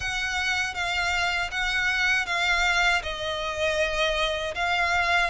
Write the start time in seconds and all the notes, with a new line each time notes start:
0.00 F#5
0.74 F5
1.51 F#5
2.26 F5
3.02 D#5
4.55 F5